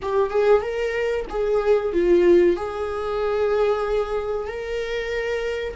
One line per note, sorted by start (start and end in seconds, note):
0.02 0.30 G4
0.30 0.62 G#4
0.62 1.25 A#4
1.29 1.92 G#4
1.92 2.56 F4
2.56 4.47 G#4
4.47 5.74 A#4